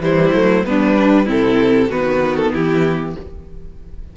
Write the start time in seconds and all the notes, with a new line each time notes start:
0.00 E3 G3 E4 C5
0.33 F#3 A3
0.65 G3 B3 D4 B4
0.96 D4
1.25 C3 C4 E4 A4
1.89 D#3 B3 F#4 B4
2.36 A4
2.53 E3 E4 G4